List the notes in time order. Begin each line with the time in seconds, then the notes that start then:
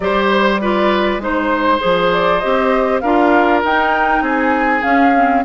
0.00 G3 G4 C5 D5
0.29 C5
0.61 F4 B4 D5
1.18 G#3 D#4 C5
1.79 F3 G#4
2.12 D5
2.39 C4 G4 D#5
3.00 D4 F4 A#4 F5
3.63 D#4 G5
4.21 C4 G#4
4.28 G#5
4.82 C#4 F5
5.15 C4